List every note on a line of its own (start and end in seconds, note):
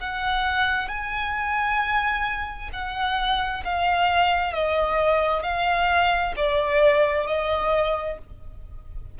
0.00 0.88 F#5
0.88 2.70 G#5
2.73 3.64 F#5
3.64 4.53 F5
4.53 5.43 D#5
5.43 6.33 F5
6.36 7.27 D5
7.27 8.18 D#5